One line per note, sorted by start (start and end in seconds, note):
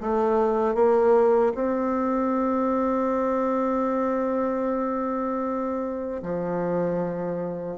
0.00 0.74 A3
0.74 1.52 A#3
1.54 6.22 C4
6.22 7.77 F3